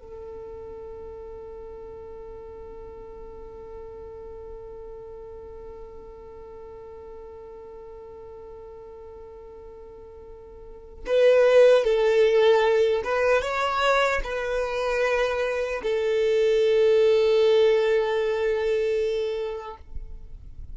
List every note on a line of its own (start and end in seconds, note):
0.00 11.05 A4
11.07 11.84 B4
11.84 13.03 A4
13.04 13.42 B4
13.42 14.21 C#5
14.24 15.82 B4
15.83 19.78 A4